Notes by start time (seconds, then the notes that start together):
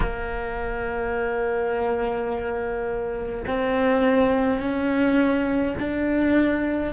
0.00 A#3
3.47 C4
4.59 C#4
5.78 D4